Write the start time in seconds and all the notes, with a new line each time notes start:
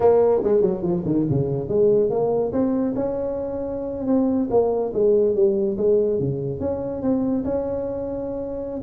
0.00 A#3
0.43 G#3
0.61 F#3
0.82 F3
1.05 D#3
1.29 C#3
1.68 G#3
2.10 A#3
2.52 C4
2.95 C#4
4.06 C4
4.50 A#3
4.93 G#3
5.35 G3
5.77 G#3
6.19 C#3
6.60 C#4
7.01 C4
7.44 C#4